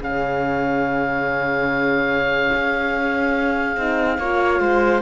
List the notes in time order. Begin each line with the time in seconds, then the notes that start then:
0.00 C#3 C#4 G#4 F5
2.55 C#4
3.77 C4 D#4
4.18 A#3 F4 C#5
4.60 G#3 C5